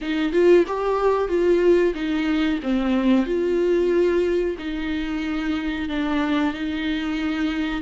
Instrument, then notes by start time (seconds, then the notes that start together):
viola
0.01 D#4
0.32 F4
0.67 G4
1.28 F4
1.94 D#4
2.63 C4
3.26 F4
4.58 D#4
5.89 D4
6.53 D#4